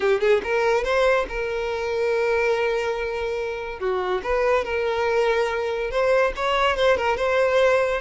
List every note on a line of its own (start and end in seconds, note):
0.00 0.20 G4
0.20 0.41 G#4
0.43 0.83 A#4
0.83 1.26 C5
1.28 3.79 A#4
3.79 4.21 F#4
4.23 4.64 B4
4.64 5.90 A#4
5.90 6.33 C5
6.36 6.76 C#5
6.76 6.97 C5
6.97 7.17 A#4
7.17 8.01 C5